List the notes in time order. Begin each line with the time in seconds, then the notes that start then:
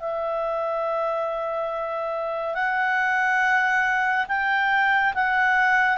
0.00 E5
2.55 F#5
4.28 G5
5.15 F#5